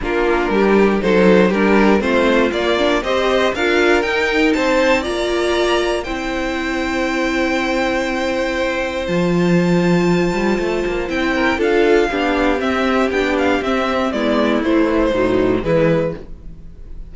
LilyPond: <<
  \new Staff \with { instrumentName = "violin" } { \time 4/4 \tempo 4 = 119 ais'2 c''4 ais'4 | c''4 d''4 dis''4 f''4 | g''4 a''4 ais''2 | g''1~ |
g''2 a''2~ | a''2 g''4 f''4~ | f''4 e''4 g''8 f''8 e''4 | d''4 c''2 b'4 | }
  \new Staff \with { instrumentName = "violin" } { \time 4/4 f'4 g'4 a'4 g'4 | f'2 c''4 ais'4~ | ais'4 c''4 d''2 | c''1~ |
c''1~ | c''2~ c''8 ais'8 a'4 | g'1 | e'2 dis'4 e'4 | }
  \new Staff \with { instrumentName = "viola" } { \time 4/4 d'2 dis'4 d'4 | c'4 ais8 d'8 g'4 f'4 | dis'2 f'2 | e'1~ |
e'2 f'2~ | f'2 e'4 f'4 | d'4 c'4 d'4 c'4 | b4 e4 fis4 gis4 | }
  \new Staff \with { instrumentName = "cello" } { \time 4/4 ais4 g4 fis4 g4 | a4 ais4 c'4 d'4 | dis'4 c'4 ais2 | c'1~ |
c'2 f2~ | f8 g8 a8 ais8 c'4 d'4 | b4 c'4 b4 c'4 | gis4 a4 a,4 e4 | }
>>